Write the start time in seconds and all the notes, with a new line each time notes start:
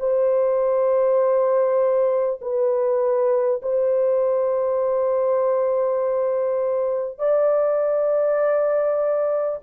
0.00 C5
2.42 B4
3.62 C5
7.19 D5